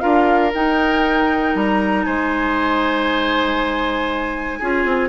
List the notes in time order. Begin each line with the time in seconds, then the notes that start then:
0.00 D4 F4 A#4 F5
0.54 D#4 G5
1.55 G3 A#5
2.05 G#3 C5 G#5
4.59 C#4 F4 G#4
4.85 C4